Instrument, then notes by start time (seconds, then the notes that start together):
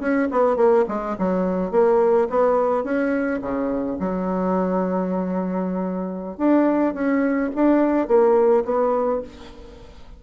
bassoon
0.00 C#4
0.32 B3
0.57 A#3
0.88 G#3
1.19 F#3
1.72 A#3
2.30 B3
2.84 C#4
3.42 C#3
4.00 F#3
6.38 D4
6.94 C#4
7.55 D4
8.08 A#3
8.65 B3